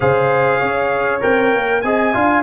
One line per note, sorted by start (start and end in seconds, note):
0.00 0.61 C#3
0.00 1.20 G#4
0.00 0.59 C5
0.00 1.21 F5
0.59 1.22 C#4
0.59 1.82 C#5
1.20 1.54 C4
1.20 1.81 A#4
1.20 1.81 G5
1.54 1.83 A#3
1.81 2.14 C4
1.81 2.13 G#4
1.81 2.14 D#5
1.81 2.42 G#5
2.13 2.43 D4
2.13 2.43 F4
2.13 2.43 F5